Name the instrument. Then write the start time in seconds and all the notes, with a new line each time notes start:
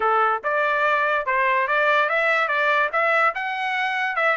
trumpet
0.00 A4
0.43 D5
1.26 C5
1.67 D5
2.09 E5
2.48 D5
2.92 E5
3.34 F#5
4.16 E5